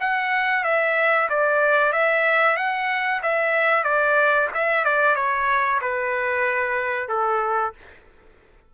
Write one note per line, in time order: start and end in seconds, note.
0.00 0.64 F#5
0.64 1.28 E5
1.29 1.92 D5
1.92 2.56 E5
2.56 3.21 F#5
3.22 3.84 E5
3.84 4.48 D5
4.54 4.84 E5
4.84 5.15 D5
5.15 5.80 C#5
5.81 7.09 B4
7.09 7.73 A4